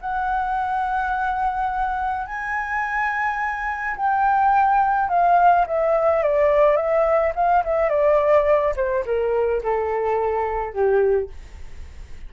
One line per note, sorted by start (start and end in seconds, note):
0.00 2.26 F#5
2.26 3.96 G#5
3.96 5.09 G5
5.09 5.65 F5
5.66 6.22 E5
6.22 6.76 D5
6.76 7.33 E5
7.35 7.63 F5
7.64 7.89 E5
7.89 8.74 D5
8.76 9.04 C5
9.05 9.61 A#4
9.63 10.73 A4
10.73 11.29 G4